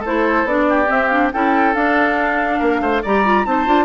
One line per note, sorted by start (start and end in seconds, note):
0.00 0.44 A3
0.00 0.47 E4
0.00 0.64 A4
0.00 0.47 C5
0.44 0.87 B3
0.44 0.86 D4
0.44 0.90 D5
0.69 1.33 G4
0.86 1.08 C4
0.86 1.33 C4
0.86 1.08 E5
1.08 1.32 D4
1.08 1.29 F5
1.33 1.75 C#4
1.33 1.75 E4
1.33 2.59 A4
1.33 1.74 G5
1.74 2.61 D4
1.74 3.03 D4
1.74 3.03 F5
2.59 2.80 A#3
2.59 2.81 A#4
2.80 3.02 A3
2.80 3.03 C5
3.03 3.46 G3
3.03 3.25 G4
3.03 3.45 D5
3.03 3.45 A#5
3.25 3.45 F4
3.45 3.67 C4
3.45 3.66 D#4
3.45 3.85 C5
3.45 3.85 A5
3.66 3.85 D4
3.66 3.85 F4